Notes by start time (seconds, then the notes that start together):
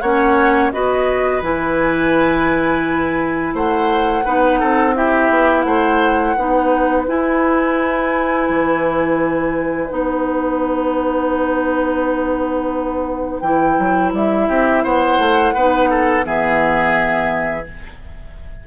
0.00 A#3 C#4 C#5 F#5
0.71 B3 F#4 B4 D#5
1.41 E3 E4 G#5
3.54 A3 C5 F#5
4.24 B3 D#4 B4
4.59 C4 A4
4.95 E4 G4 E5
5.29 B3
5.61 A3 C5 F#5
6.36 B3 D#4 B4
7.06 E4 G#5
8.49 E3
9.89 B3 D#4 F#5
13.40 E3 E4 G5
13.78 F#3
14.13 G3 E5
14.48 C4 G4
14.83 B3 C5 F#5
15.18 A3
15.54 B3 D#4 B4
15.90 A4
16.23 E3 B3 G#4 E5